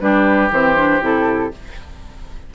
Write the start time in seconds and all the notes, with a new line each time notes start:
0.00 G3 D4 G4 B4
0.51 E3 C4 C5
0.76 D4
1.01 C3 E4 A4